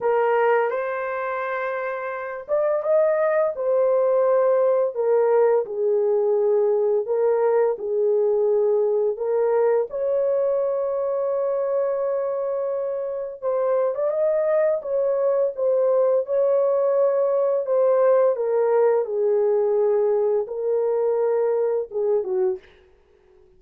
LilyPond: \new Staff \with { instrumentName = "horn" } { \time 4/4 \tempo 4 = 85 ais'4 c''2~ c''8 d''8 | dis''4 c''2 ais'4 | gis'2 ais'4 gis'4~ | gis'4 ais'4 cis''2~ |
cis''2. c''8. d''16 | dis''4 cis''4 c''4 cis''4~ | cis''4 c''4 ais'4 gis'4~ | gis'4 ais'2 gis'8 fis'8 | }